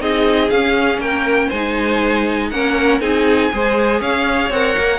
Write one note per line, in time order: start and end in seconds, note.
0.00 0.50 C4
0.00 0.50 D#4
0.00 1.02 G#4
0.00 0.50 D#5
0.50 0.98 C#4
0.50 1.54 C#4
0.50 1.00 F5
0.98 1.48 A#3
0.98 1.48 A#4
0.98 1.50 G5
1.48 2.51 G#3
1.48 2.52 D#4
1.48 2.48 C5
1.48 2.50 G#5
2.50 3.01 A#3
2.50 3.01 C#4
2.50 3.02 A#4
2.50 3.00 F#5
3.01 3.51 C4
3.01 3.51 D#4
3.01 3.52 G#4
3.01 4.01 G#5
3.52 4.01 G#3
3.52 4.52 G#4
3.52 4.00 C5
4.00 4.50 C#4
4.00 4.99 C#5
4.00 4.52 F5
4.50 4.75 C4
4.50 4.99 A#4
4.50 4.99 F#5
4.78 4.99 A#3